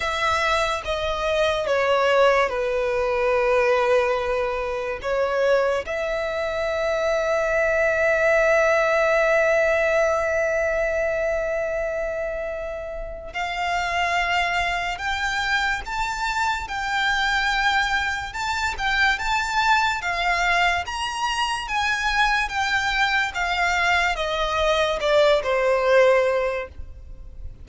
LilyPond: \new Staff \with { instrumentName = "violin" } { \time 4/4 \tempo 4 = 72 e''4 dis''4 cis''4 b'4~ | b'2 cis''4 e''4~ | e''1~ | e''1 |
f''2 g''4 a''4 | g''2 a''8 g''8 a''4 | f''4 ais''4 gis''4 g''4 | f''4 dis''4 d''8 c''4. | }